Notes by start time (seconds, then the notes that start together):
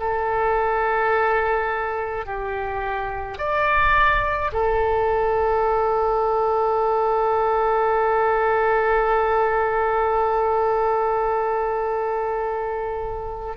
0.00 A4
2.26 G4
3.39 D5
4.53 A4